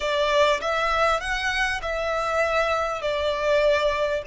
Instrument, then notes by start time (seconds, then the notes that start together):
violin
0.00 D5
0.60 E5
1.20 F#5
1.82 E5
3.01 D5